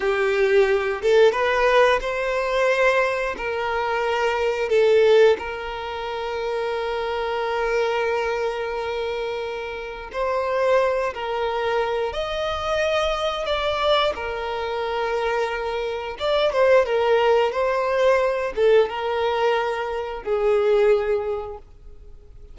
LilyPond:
\new Staff \with { instrumentName = "violin" } { \time 4/4 \tempo 4 = 89 g'4. a'8 b'4 c''4~ | c''4 ais'2 a'4 | ais'1~ | ais'2. c''4~ |
c''8 ais'4. dis''2 | d''4 ais'2. | d''8 c''8 ais'4 c''4. a'8 | ais'2 gis'2 | }